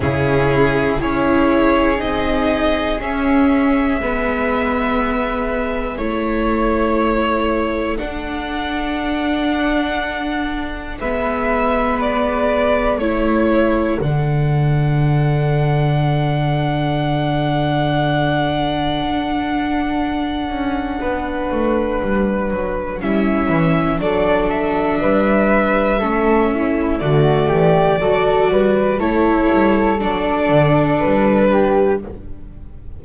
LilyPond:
<<
  \new Staff \with { instrumentName = "violin" } { \time 4/4 \tempo 4 = 60 gis'4 cis''4 dis''4 e''4~ | e''2 cis''2 | fis''2. e''4 | d''4 cis''4 fis''2~ |
fis''1~ | fis''2. e''4 | d''8 e''2~ e''8 d''4~ | d''4 cis''4 d''4 b'4 | }
  \new Staff \with { instrumentName = "flute" } { \time 4/4 e'4 gis'2. | b'2 a'2~ | a'2. b'4~ | b'4 a'2.~ |
a'1~ | a'4 b'2 e'4 | a'4 b'4 a'8 e'8 fis'8 g'8 | a'8 b'8 a'2~ a'8 g'8 | }
  \new Staff \with { instrumentName = "viola" } { \time 4/4 cis'4 e'4 dis'4 cis'4 | b2 e'2 | d'2. b4~ | b4 e'4 d'2~ |
d'1~ | d'2. cis'4 | d'2 cis'4 a4 | fis'4 e'4 d'2 | }
  \new Staff \with { instrumentName = "double bass" } { \time 4/4 cis4 cis'4 c'4 cis'4 | gis2 a2 | d'2. gis4~ | gis4 a4 d2~ |
d2. d'4~ | d'8 cis'8 b8 a8 g8 fis8 g8 e8 | fis4 g4 a4 d8 e8 | fis8 g8 a8 g8 fis8 d8 g4 | }
>>